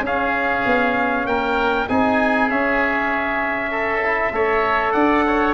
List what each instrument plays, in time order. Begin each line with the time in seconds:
0.00 tuba C#4, trombone C#4, oboe G#4, trumpet F5
0.65 tuba B3
1.25 tuba A#3, oboe A#4, trumpet G5
1.88 tuba C4, trombone D#4, oboe G#4, trumpet G#5
2.49 trombone C#4, tuba C#4, trumpet E5
3.71 oboe A4
4.03 trombone E4
4.32 tuba A3, trombone A4, oboe C#5
4.91 tuba D4, oboe D5, trumpet F#5
5.26 oboe C#5